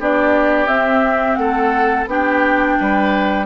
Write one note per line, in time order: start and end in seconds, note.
0.00 0.68 B3
0.00 0.67 D4
0.00 1.40 G4
0.00 0.68 D5
0.67 2.07 C4
0.67 1.38 C4
0.67 1.35 E5
1.35 2.07 A3
1.35 2.10 A4
1.35 2.05 F#5
2.07 2.76 B3
2.07 3.46 D4
2.07 2.80 G4
2.07 3.46 G5
2.80 3.46 G3
2.80 3.46 B4